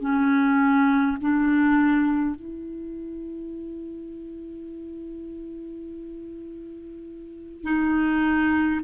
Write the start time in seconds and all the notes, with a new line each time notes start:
0.00 C#4
1.20 D4
2.35 E4
7.63 D#4